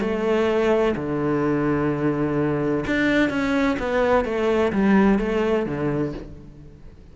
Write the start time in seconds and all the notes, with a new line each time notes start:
0.00 A3
0.96 D3
2.86 D4
3.29 C#4
3.79 B3
4.25 A3
4.72 G3
5.19 A3
5.66 D3